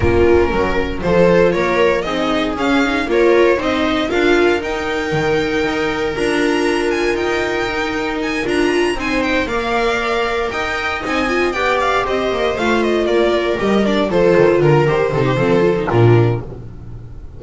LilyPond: <<
  \new Staff \with { instrumentName = "violin" } { \time 4/4 \tempo 4 = 117 ais'2 c''4 cis''4 | dis''4 f''4 cis''4 dis''4 | f''4 g''2. | ais''4. gis''8 g''2 |
gis''8 ais''4 gis''8 g''8 f''4.~ | f''8 g''4 gis''4 g''8 f''8 dis''8~ | dis''8 f''8 dis''8 d''4 dis''8 d''8 c''8~ | c''8 ais'8 c''2 ais'4 | }
  \new Staff \with { instrumentName = "viola" } { \time 4/4 f'4 ais'4 a'4 ais'4 | gis'2 ais'4 c''4 | ais'1~ | ais'1~ |
ais'4. c''4 d''4.~ | d''8 dis''2 d''4 c''8~ | c''4. ais'2 a'8~ | a'8 ais'4 a'16 g'16 a'4 f'4 | }
  \new Staff \with { instrumentName = "viola" } { \time 4/4 cis'2 f'2 | dis'4 cis'8 dis'8 f'4 dis'4 | f'4 dis'2. | f'2. dis'4~ |
dis'8 f'4 dis'4 ais'4.~ | ais'4. dis'8 f'8 g'4.~ | g'8 f'2 g'8 d'8 f'8~ | f'4 g'8 dis'8 c'8 f'16 dis'16 d'4 | }
  \new Staff \with { instrumentName = "double bass" } { \time 4/4 ais4 fis4 f4 ais4 | c'4 cis'4 ais4 c'4 | d'4 dis'4 dis4 dis'4 | d'2 dis'2~ |
dis'8 d'4 c'4 ais4.~ | ais8 dis'4 c'4 b4 c'8 | ais8 a4 ais4 g4 f8 | dis8 d8 dis8 c8 f4 ais,4 | }
>>